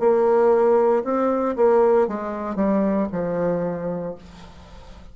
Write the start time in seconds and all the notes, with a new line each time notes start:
0.00 A#3
1.04 C4
1.57 A#3
2.08 G#3
2.56 G3
3.12 F3